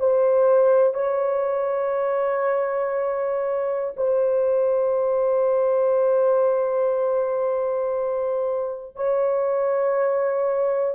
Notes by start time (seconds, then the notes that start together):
0.00 C5
0.94 C#5
3.97 C5
8.96 C#5